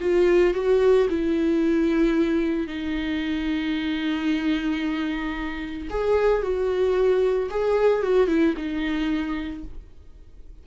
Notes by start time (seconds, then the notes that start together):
0.00 F4
0.54 F#4
1.09 E4
2.67 D#4
5.90 G#4
6.42 F#4
7.50 G#4
8.02 F#4
8.27 E4
8.56 D#4